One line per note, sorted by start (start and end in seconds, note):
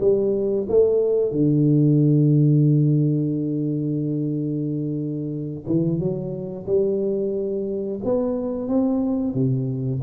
0.00 0.67 G3
0.68 1.32 A3
1.32 5.65 D3
5.66 5.99 E3
5.99 6.66 F#3
6.66 7.99 G3
8.04 8.68 B3
8.68 9.34 C4
9.34 10.01 C3